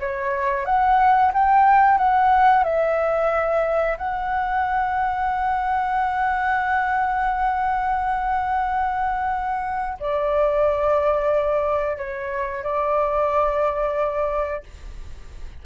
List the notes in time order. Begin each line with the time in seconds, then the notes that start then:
0.00 C#5
0.65 F#5
1.33 G5
1.98 F#5
2.64 E5
3.98 F#5
10.00 D5
11.97 C#5
12.63 D5